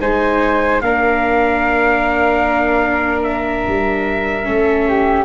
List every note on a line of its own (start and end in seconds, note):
0.00 0.81 G#3
0.00 0.82 D#4
0.00 0.82 C5
0.00 0.81 G#5
0.81 3.64 A#3
0.81 4.43 D4
0.81 4.47 A#4
0.81 3.23 F5
3.23 5.24 E5
3.67 4.48 G3
4.43 5.24 A3
4.43 5.24 C#4
4.43 4.88 A4
4.88 5.24 G4